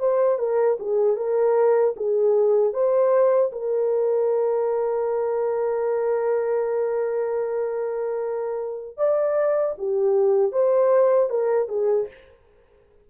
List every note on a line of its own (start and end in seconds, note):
0.00 0.39 C5
0.39 0.78 A#4
0.80 1.17 G#4
1.17 1.95 A#4
1.97 2.73 G#4
2.73 3.51 C5
3.52 8.98 A#4
8.98 9.75 D5
9.78 10.52 G4
10.52 11.30 C5
11.30 11.69 A#4
11.69 12.08 G#4